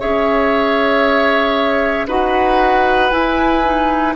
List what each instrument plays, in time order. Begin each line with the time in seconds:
0.00 bassoon C#4, clarinet G#4, oboe C#5, flute E5
2.07 bassoon D#4, clarinet F#4, oboe B4, flute F#5
3.11 clarinet E4, bassoon E4, flute G#5
3.65 clarinet D#4